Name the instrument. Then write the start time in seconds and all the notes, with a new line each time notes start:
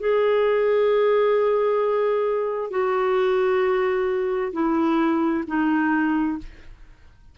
clarinet
0.00 G#4
2.71 F#4
4.53 E4
5.48 D#4